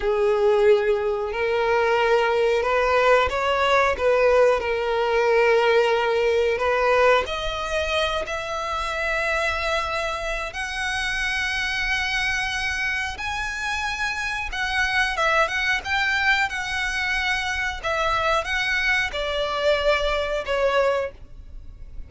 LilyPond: \new Staff \with { instrumentName = "violin" } { \time 4/4 \tempo 4 = 91 gis'2 ais'2 | b'4 cis''4 b'4 ais'4~ | ais'2 b'4 dis''4~ | dis''8 e''2.~ e''8 |
fis''1 | gis''2 fis''4 e''8 fis''8 | g''4 fis''2 e''4 | fis''4 d''2 cis''4 | }